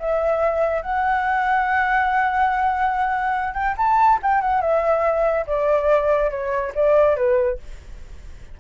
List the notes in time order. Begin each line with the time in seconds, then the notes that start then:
0.00 E5
0.82 F#5
3.55 G5
3.78 A5
4.23 G5
4.42 F#5
4.62 E5
5.48 D5
6.31 C#5
6.75 D5
7.17 B4